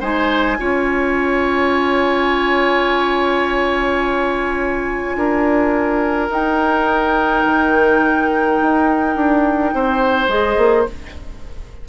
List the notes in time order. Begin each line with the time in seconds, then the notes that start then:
0.00 G#3 D#4 C5 G#5
0.57 C#4 F4 C#5
5.16 D4 A#4
6.29 D#4 G5
7.45 D#3
8.62 D#4
9.16 D4
9.74 C4 C5
10.28 G#3 G#4 D#5
10.57 A#3